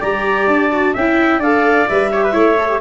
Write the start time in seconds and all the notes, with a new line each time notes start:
0.00 G3 G4 D5 A#5
0.46 D4 A5
0.71 F#4
0.93 C#4 E4 E5 G5
1.38 D4 A4 D5 F5
1.88 G3 B4 E5
2.11 G4 C#5
2.23 B4
2.32 A3 E4 C#5
2.58 A4
2.68 G4